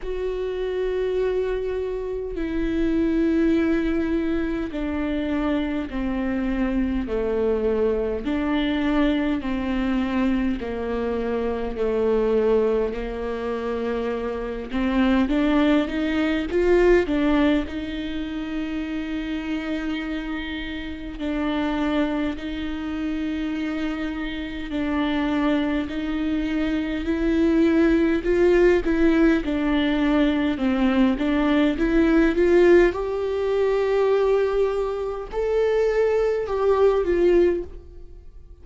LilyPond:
\new Staff \with { instrumentName = "viola" } { \time 4/4 \tempo 4 = 51 fis'2 e'2 | d'4 c'4 a4 d'4 | c'4 ais4 a4 ais4~ | ais8 c'8 d'8 dis'8 f'8 d'8 dis'4~ |
dis'2 d'4 dis'4~ | dis'4 d'4 dis'4 e'4 | f'8 e'8 d'4 c'8 d'8 e'8 f'8 | g'2 a'4 g'8 f'8 | }